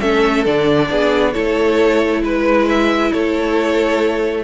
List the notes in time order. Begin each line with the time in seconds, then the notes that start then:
0.00 A3 C#4 A4 E5
0.46 D3 D4 D5
0.90 B3 G#4
1.32 A3 E4 A4 C#5
2.22 G#3 B4
2.69 E5
3.12 A3 A4 C#5